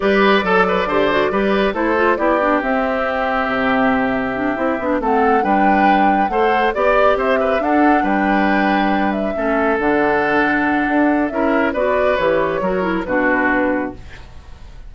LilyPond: <<
  \new Staff \with { instrumentName = "flute" } { \time 4/4 \tempo 4 = 138 d''1 | c''4 d''4 e''2~ | e''2.~ e''8 fis''8~ | fis''8 g''2 fis''4 d''8~ |
d''8 e''4 fis''4 g''4.~ | g''4 e''4. fis''4.~ | fis''2 e''4 d''4 | cis''2 b'2 | }
  \new Staff \with { instrumentName = "oboe" } { \time 4/4 b'4 a'8 b'8 c''4 b'4 | a'4 g'2.~ | g'2.~ g'8 a'8~ | a'8 b'2 c''4 d''8~ |
d''8 c''8 b'8 a'4 b'4.~ | b'4. a'2~ a'8~ | a'2 ais'4 b'4~ | b'4 ais'4 fis'2 | }
  \new Staff \with { instrumentName = "clarinet" } { \time 4/4 g'4 a'4 g'8 fis'8 g'4 | e'8 f'8 e'8 d'8 c'2~ | c'2 d'8 e'8 d'8 c'8~ | c'8 d'2 a'4 g'8~ |
g'4. d'2~ d'8~ | d'4. cis'4 d'4.~ | d'2 e'4 fis'4 | g'4 fis'8 e'8 d'2 | }
  \new Staff \with { instrumentName = "bassoon" } { \time 4/4 g4 fis4 d4 g4 | a4 b4 c'2 | c2~ c8 c'8 b8 a8~ | a8 g2 a4 b8~ |
b8 c'4 d'4 g4.~ | g4. a4 d4.~ | d4 d'4 cis'4 b4 | e4 fis4 b,2 | }
>>